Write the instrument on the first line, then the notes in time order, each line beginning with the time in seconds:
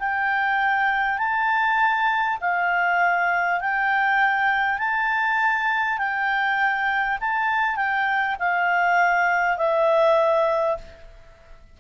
clarinet
0.00 G5
1.19 A5
2.42 F5
3.61 G5
4.79 A5
5.98 G5
7.21 A5
7.77 G5
8.39 F5
9.58 E5